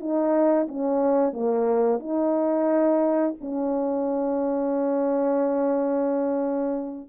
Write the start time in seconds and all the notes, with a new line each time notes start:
0.00 D#4
0.68 C#4
1.33 A#3
2.00 D#4
3.41 C#4